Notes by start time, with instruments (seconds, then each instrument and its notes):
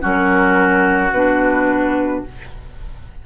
0.00 bassoon F#3, clarinet C#4, oboe F#4, flute A#4
1.11 bassoon B2, clarinet D4, flute B4